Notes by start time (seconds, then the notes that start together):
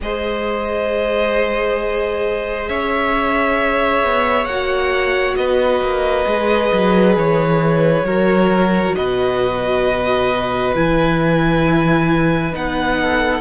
0.00 G#3 G#4 C5 D#5
2.68 C#4 C#5 E5
4.03 B3
4.45 A#3 F#4 F#5
5.36 B3 B4 D#5
5.81 A#3
6.26 G#3 G#4
6.72 F#3
7.16 E3 C#5
8.02 F#3 F#4 A#4
8.95 B2 B4 D#5
10.74 E3 E4 G#5
12.52 B3 D#4 F#5
13.00 A4